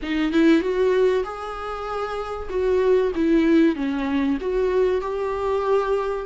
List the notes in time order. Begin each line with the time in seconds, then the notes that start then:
0.02 D#4
0.32 E4
0.61 F#4
1.23 G#4
2.49 F#4
3.15 E4
3.75 C#4
4.40 F#4
5.01 G4